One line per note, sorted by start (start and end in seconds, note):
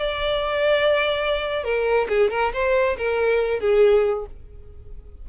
0.00 1.64 D5
1.64 2.08 A#4
2.09 2.31 G#4
2.31 2.52 A#4
2.53 2.97 C5
2.98 3.60 A#4
3.60 4.26 G#4